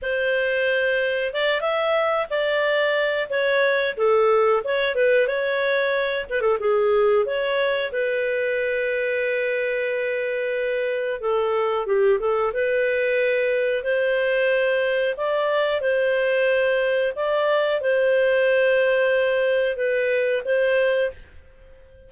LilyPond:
\new Staff \with { instrumentName = "clarinet" } { \time 4/4 \tempo 4 = 91 c''2 d''8 e''4 d''8~ | d''4 cis''4 a'4 cis''8 b'8 | cis''4. b'16 a'16 gis'4 cis''4 | b'1~ |
b'4 a'4 g'8 a'8 b'4~ | b'4 c''2 d''4 | c''2 d''4 c''4~ | c''2 b'4 c''4 | }